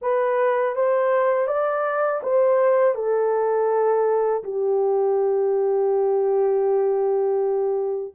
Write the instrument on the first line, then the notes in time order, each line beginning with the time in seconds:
horn
0.01 B4
0.75 C5
1.47 D5
2.23 C5
2.95 A4
4.43 G4